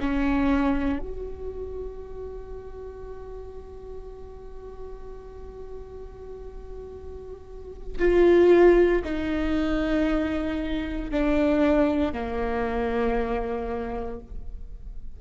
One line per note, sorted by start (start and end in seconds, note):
0.00 1.00 C#4
1.00 7.97 F#4
7.99 9.03 F4
9.04 11.11 D#4
11.11 12.13 D4
12.13 14.20 A#3